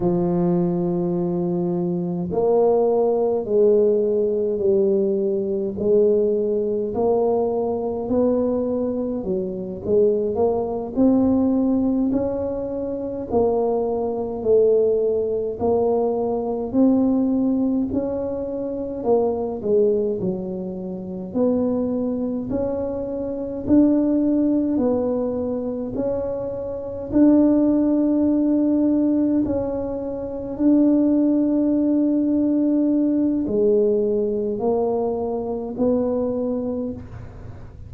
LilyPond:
\new Staff \with { instrumentName = "tuba" } { \time 4/4 \tempo 4 = 52 f2 ais4 gis4 | g4 gis4 ais4 b4 | fis8 gis8 ais8 c'4 cis'4 ais8~ | ais8 a4 ais4 c'4 cis'8~ |
cis'8 ais8 gis8 fis4 b4 cis'8~ | cis'8 d'4 b4 cis'4 d'8~ | d'4. cis'4 d'4.~ | d'4 gis4 ais4 b4 | }